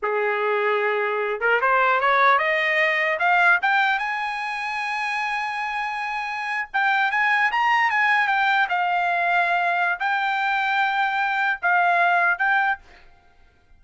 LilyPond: \new Staff \with { instrumentName = "trumpet" } { \time 4/4 \tempo 4 = 150 gis'2.~ gis'8 ais'8 | c''4 cis''4 dis''2 | f''4 g''4 gis''2~ | gis''1~ |
gis''8. g''4 gis''4 ais''4 gis''16~ | gis''8. g''4 f''2~ f''16~ | f''4 g''2.~ | g''4 f''2 g''4 | }